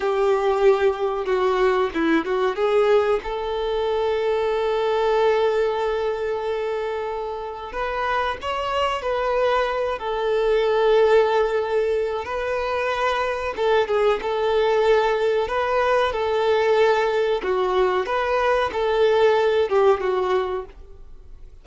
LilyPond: \new Staff \with { instrumentName = "violin" } { \time 4/4 \tempo 4 = 93 g'2 fis'4 e'8 fis'8 | gis'4 a'2.~ | a'1 | b'4 cis''4 b'4. a'8~ |
a'2. b'4~ | b'4 a'8 gis'8 a'2 | b'4 a'2 fis'4 | b'4 a'4. g'8 fis'4 | }